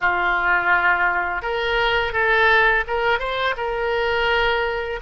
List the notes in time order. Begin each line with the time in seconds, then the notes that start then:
0.01 F4
1.42 A#4
2.12 A4
2.87 A#4
3.19 C5
3.56 A#4